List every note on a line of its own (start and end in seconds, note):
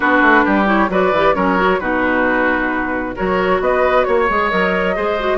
0.00 0.21 B3
0.00 0.65 D4
0.00 0.44 F#4
0.00 0.67 B4
0.21 0.44 A3
0.44 0.89 G3
0.44 0.90 G4
0.65 0.88 E4
0.65 0.90 C#5
0.89 1.11 F#3
0.89 1.12 F#4
0.89 1.35 B4
0.89 1.35 D5
1.11 1.34 E3
1.11 1.34 G4
1.34 1.80 F#3
1.34 1.57 C#4
1.34 1.80 A#4
1.34 1.79 C#5
1.57 1.79 F#4
1.79 3.15 B2
1.79 3.15 D#4
1.79 3.15 F#4
1.79 3.14 B4
3.15 3.60 F#3
3.15 4.28 F#4
3.15 3.60 A#4
3.15 3.61 C#5
3.60 4.05 B3
3.60 4.07 B4
3.60 4.04 D#5
4.04 4.29 A#3
4.04 4.49 C#5
4.04 4.96 C#5
4.28 4.52 G#3
4.28 4.50 G#4
4.50 4.97 F#3
4.50 4.95 A#4
4.50 5.37 D#5
4.95 5.37 G#3
4.95 5.17 G#4
4.95 5.37 C5
5.19 5.37 F#4